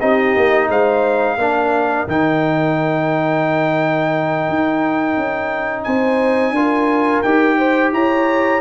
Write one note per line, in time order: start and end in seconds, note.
0.00 0.36 C4
0.00 1.38 D#4
0.00 0.69 G4
0.00 0.69 D#5
0.36 0.69 A#3
0.69 1.37 G#3
0.69 1.37 C5
0.69 2.09 F5
1.37 2.06 A#3
1.37 2.07 D4
1.37 5.85 A#4
2.07 4.49 D#3
2.07 6.56 D#4
2.07 5.84 G5
4.49 5.16 D#4
5.16 5.85 C#4
5.84 6.51 C4
5.84 6.54 C5
5.84 7.22 G#5
6.51 7.20 D4
6.51 7.25 F4
6.51 7.58 A#4
7.22 7.92 D#4
7.22 8.61 G4
7.22 7.91 G5
7.58 7.92 C5
7.92 8.61 E4
7.92 8.61 C#5
7.92 8.61 A#5